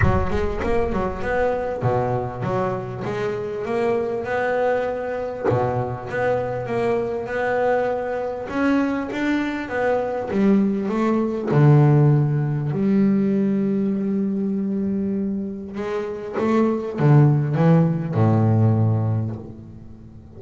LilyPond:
\new Staff \with { instrumentName = "double bass" } { \time 4/4 \tempo 4 = 99 fis8 gis8 ais8 fis8 b4 b,4 | fis4 gis4 ais4 b4~ | b4 b,4 b4 ais4 | b2 cis'4 d'4 |
b4 g4 a4 d4~ | d4 g2.~ | g2 gis4 a4 | d4 e4 a,2 | }